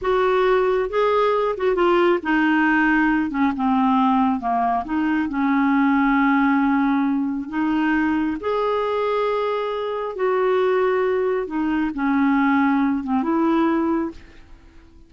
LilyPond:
\new Staff \with { instrumentName = "clarinet" } { \time 4/4 \tempo 4 = 136 fis'2 gis'4. fis'8 | f'4 dis'2~ dis'8 cis'8 | c'2 ais4 dis'4 | cis'1~ |
cis'4 dis'2 gis'4~ | gis'2. fis'4~ | fis'2 dis'4 cis'4~ | cis'4. c'8 e'2 | }